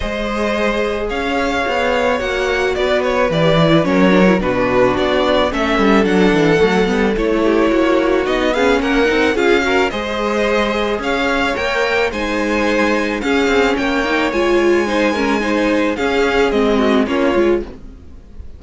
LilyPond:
<<
  \new Staff \with { instrumentName = "violin" } { \time 4/4 \tempo 4 = 109 dis''2 f''2 | fis''4 d''8 cis''8 d''4 cis''4 | b'4 d''4 e''4 fis''4~ | fis''4 cis''2 dis''8 f''8 |
fis''4 f''4 dis''2 | f''4 g''4 gis''2 | f''4 g''4 gis''2~ | gis''4 f''4 dis''4 cis''4 | }
  \new Staff \with { instrumentName = "violin" } { \time 4/4 c''2 cis''2~ | cis''4 b'2 ais'4 | fis'2 a'2~ | a'4. g'8 fis'4. gis'8 |
ais'4 gis'8 ais'8 c''2 | cis''2 c''2 | gis'4 cis''2 c''8 ais'8 | c''4 gis'4. fis'8 f'4 | }
  \new Staff \with { instrumentName = "viola" } { \time 4/4 gis'1 | fis'2 g'8 e'8 cis'8 d'16 e'16 | d'2 cis'4 d'4 | a8 b8 e'2 dis'8 cis'8~ |
cis'8 dis'8 f'8 fis'8 gis'2~ | gis'4 ais'4 dis'2 | cis'4. dis'8 f'4 dis'8 cis'8 | dis'4 cis'4 c'4 cis'8 f'8 | }
  \new Staff \with { instrumentName = "cello" } { \time 4/4 gis2 cis'4 b4 | ais4 b4 e4 fis4 | b,4 b4 a8 g8 fis8 e8 | fis8 g8 a4 ais4 b4 |
ais8 c'8 cis'4 gis2 | cis'4 ais4 gis2 | cis'8 c'8 ais4 gis2~ | gis4 cis'4 gis4 ais8 gis8 | }
>>